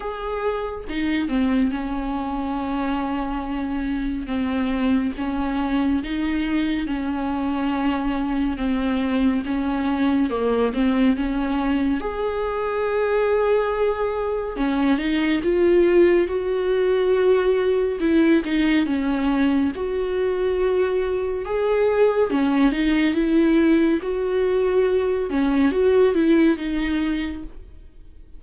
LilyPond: \new Staff \with { instrumentName = "viola" } { \time 4/4 \tempo 4 = 70 gis'4 dis'8 c'8 cis'2~ | cis'4 c'4 cis'4 dis'4 | cis'2 c'4 cis'4 | ais8 c'8 cis'4 gis'2~ |
gis'4 cis'8 dis'8 f'4 fis'4~ | fis'4 e'8 dis'8 cis'4 fis'4~ | fis'4 gis'4 cis'8 dis'8 e'4 | fis'4. cis'8 fis'8 e'8 dis'4 | }